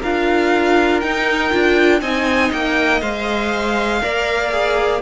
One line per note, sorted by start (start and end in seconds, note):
0.00 1.03 D4
0.00 1.03 F4
0.00 2.00 A#4
0.00 1.01 F5
1.01 1.53 D#4
1.01 1.51 D#4
1.01 2.01 G5
1.51 2.02 D4
1.51 2.01 F4
2.01 2.52 C4
2.01 3.02 D#4
2.01 4.03 D#5
2.01 2.51 G#5
2.53 3.01 A#3
2.53 3.02 G5
3.01 4.01 G#3
3.01 4.02 C5
3.01 5.02 F5
4.02 5.02 A#3
4.02 4.51 A#4
4.02 5.02 D5
4.51 5.01 G#4